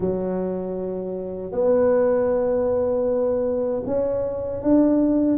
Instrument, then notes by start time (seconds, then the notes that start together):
tuba
0.00 F#3
1.52 B3
3.86 C#4
4.62 D4